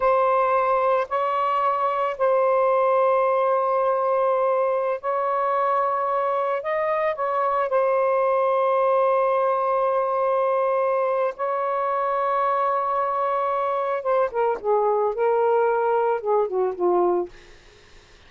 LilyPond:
\new Staff \with { instrumentName = "saxophone" } { \time 4/4 \tempo 4 = 111 c''2 cis''2 | c''1~ | c''4~ c''16 cis''2~ cis''8.~ | cis''16 dis''4 cis''4 c''4.~ c''16~ |
c''1~ | c''4 cis''2.~ | cis''2 c''8 ais'8 gis'4 | ais'2 gis'8 fis'8 f'4 | }